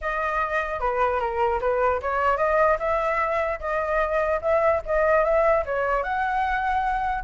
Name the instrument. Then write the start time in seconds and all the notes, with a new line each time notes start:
flute
0.01 D#5
0.80 B4
1.20 A#4
1.60 B4
2.02 C#5
2.37 D#5
2.79 E5
3.60 D#5
4.41 E5
4.85 D#5
5.24 E5
5.65 C#5
6.03 F#5